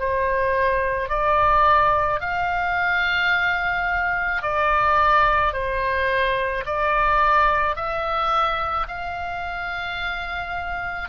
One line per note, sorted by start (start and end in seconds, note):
0.00 1.10 C5
1.10 2.21 D5
2.21 4.43 F5
4.43 5.54 D5
5.54 6.65 C5
6.66 7.76 D5
7.76 8.87 E5
8.88 11.10 F5